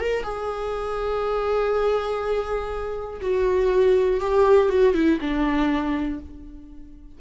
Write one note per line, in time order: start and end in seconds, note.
0.00 0.24 A#4
0.24 3.21 G#4
3.22 4.21 F#4
4.21 4.70 G4
4.70 4.94 F#4
4.94 5.19 E4
5.21 6.20 D4